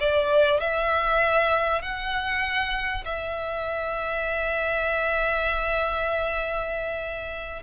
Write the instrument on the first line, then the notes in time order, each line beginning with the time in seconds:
violin
0.00 D5
0.61 E5
1.82 F#5
3.05 E5